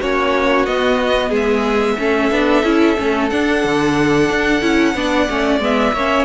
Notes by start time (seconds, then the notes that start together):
0.00 A#3 C#4 F#4 C#5
0.65 B3 D#5
1.29 G#3 G#4
1.35 E5
1.98 A3 C#4 A4
2.31 B3 D4
2.63 C#4 E4
2.97 A3 C#4
3.29 D4 F#5
3.64 D3
4.30 D4
4.61 C#4 E4
4.94 B3 D4 D5
5.29 A3 C#4
5.59 G#3 B3 E5
5.93 A#3 C#4 C#5